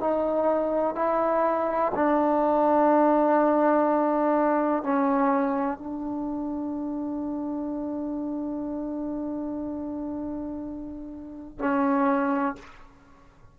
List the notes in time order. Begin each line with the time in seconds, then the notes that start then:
0.00 D#4
0.95 E4
1.95 D4
4.83 C#4
5.78 D4
11.59 C#4